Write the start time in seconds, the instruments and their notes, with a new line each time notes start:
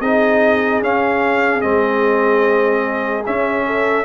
0.00 tuba C4, trombone D#4, horn G#4, trumpet D#5
0.81 tuba C#4, trombone C#4, trumpet F5
1.61 tuba G#3, trombone C4, trumpet D#5
3.26 trombone C#4, tuba C#4, trumpet E5
3.67 horn A4